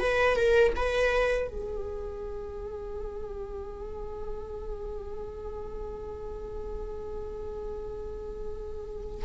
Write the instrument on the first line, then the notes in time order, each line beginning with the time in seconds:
viola
0.00 B4
0.37 A#4
0.76 B4
1.48 G#4